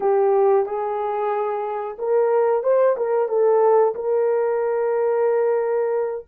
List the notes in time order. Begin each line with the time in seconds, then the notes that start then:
0.00 G4
0.66 G#4
1.98 A#4
2.63 C5
2.96 A#4
3.28 A4
3.94 A#4